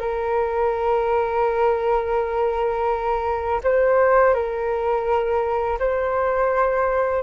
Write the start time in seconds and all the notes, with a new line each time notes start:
0.00 A#4
3.64 C5
4.34 A#4
5.80 C5